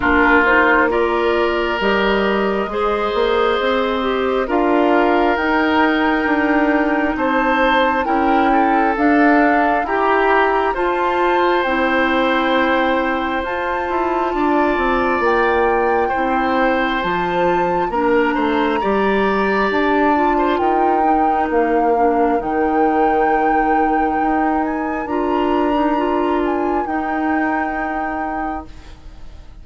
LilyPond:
<<
  \new Staff \with { instrumentName = "flute" } { \time 4/4 \tempo 4 = 67 ais'8 c''8 d''4 dis''2~ | dis''4 f''4 g''2 | a''4 g''4 f''4 ais''4 | a''4 g''2 a''4~ |
a''4 g''2 a''4 | ais''2 a''4 g''4 | f''4 g''2~ g''8 gis''8 | ais''4. gis''8 g''2 | }
  \new Staff \with { instrumentName = "oboe" } { \time 4/4 f'4 ais'2 c''4~ | c''4 ais'2. | c''4 ais'8 a'4. g'4 | c''1 |
d''2 c''2 | ais'8 c''8 d''4.~ d''16 c''16 ais'4~ | ais'1~ | ais'1 | }
  \new Staff \with { instrumentName = "clarinet" } { \time 4/4 d'8 dis'8 f'4 g'4 gis'4~ | gis'8 g'8 f'4 dis'2~ | dis'4 e'4 d'4 g'4 | f'4 e'2 f'4~ |
f'2 e'4 f'4 | d'4 g'4. f'4 dis'8~ | dis'8 d'8 dis'2. | f'8. dis'16 f'4 dis'2 | }
  \new Staff \with { instrumentName = "bassoon" } { \time 4/4 ais2 g4 gis8 ais8 | c'4 d'4 dis'4 d'4 | c'4 cis'4 d'4 e'4 | f'4 c'2 f'8 e'8 |
d'8 c'8 ais4 c'4 f4 | ais8 a8 g4 d'4 dis'4 | ais4 dis2 dis'4 | d'2 dis'2 | }
>>